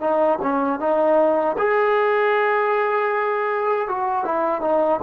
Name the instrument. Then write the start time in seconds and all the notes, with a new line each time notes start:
trombone
0.00 D#4
0.42 C#4
0.79 D#4
1.58 G#4
3.87 F#4
4.24 E4
4.61 D#4